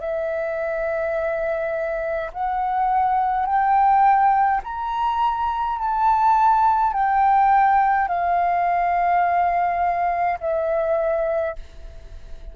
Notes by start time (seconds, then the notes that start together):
0.00 E5
2.33 F#5
3.46 G5
4.63 A#5
5.78 A5
6.93 G5
8.08 F5
10.40 E5